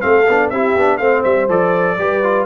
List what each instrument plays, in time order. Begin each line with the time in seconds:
0.00 tuba A3, trombone C4, horn A4, trumpet F5
0.29 tuba B3, trombone D4
0.50 tuba C4, trombone E4, horn G4, trumpet E5
0.76 tuba B3, trombone D4
0.98 tuba A3, trombone C4, horn C5, trumpet F5
1.24 tuba G3, trumpet E5
1.49 tuba F3, trombone A4, trumpet D5
1.98 tuba G3, trombone G4, horn B4
2.24 trombone F4